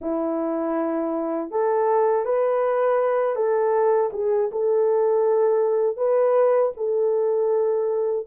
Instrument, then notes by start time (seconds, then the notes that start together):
horn
0.01 E4
1.50 A4
2.25 B4
3.35 A4
4.12 G#4
4.51 A4
5.97 B4
6.77 A4